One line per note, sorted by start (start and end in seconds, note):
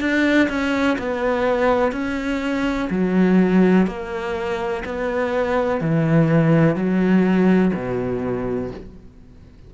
0.00 0.48 D4
0.49 0.97 C#4
0.99 1.92 B3
1.92 2.89 C#4
2.90 3.87 F#3
3.87 4.83 A#3
4.85 5.81 B3
5.81 6.75 E3
6.75 7.72 F#3
7.74 8.71 B2